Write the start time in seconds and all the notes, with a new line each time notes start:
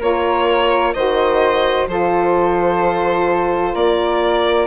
0.00 A#3 F4 A#4 C#5
0.94 D#3 F#4 C5 D#5
1.88 F3 F4 A4 C5
3.74 A#3 A#4 D5